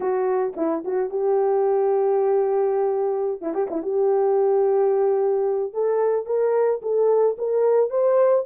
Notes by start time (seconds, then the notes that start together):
0.00 F#4
0.56 E4
0.84 F#4
1.10 G4
3.41 E4
3.53 G4
3.70 E4
3.82 G4
5.73 A4
6.26 A#4
6.82 A4
7.38 A#4
7.90 C5